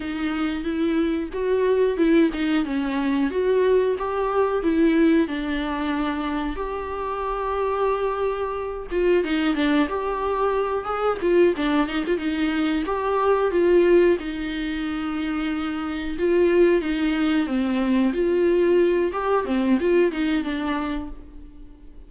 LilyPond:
\new Staff \with { instrumentName = "viola" } { \time 4/4 \tempo 4 = 91 dis'4 e'4 fis'4 e'8 dis'8 | cis'4 fis'4 g'4 e'4 | d'2 g'2~ | g'4. f'8 dis'8 d'8 g'4~ |
g'8 gis'8 f'8 d'8 dis'16 f'16 dis'4 g'8~ | g'8 f'4 dis'2~ dis'8~ | dis'8 f'4 dis'4 c'4 f'8~ | f'4 g'8 c'8 f'8 dis'8 d'4 | }